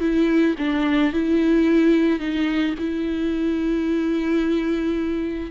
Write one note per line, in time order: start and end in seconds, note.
0.00 0.55 E4
0.58 1.13 D4
1.13 2.19 E4
2.19 2.74 D#4
2.78 5.51 E4